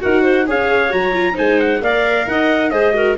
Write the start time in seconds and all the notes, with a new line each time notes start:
0.00 D#4 F#4 A#4 F#5
0.23 C5
0.47 C#4 G#4 C#5 F5
0.90 F#3 F#4 A#5
1.13 F4
1.33 G#3 D#4 C5 G#5
1.60 F#5
1.81 A#3 A#4 D5 F5
2.27 D#4 D#5 F#5
2.70 G#3 G#4 C5 D#5
2.94 F#4 A#4